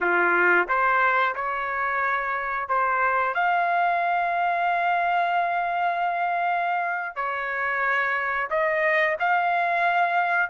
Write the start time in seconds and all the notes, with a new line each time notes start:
0.01 F4
0.68 C5
1.35 C#5
2.68 C5
3.34 F5
7.15 C#5
8.49 D#5
9.19 F5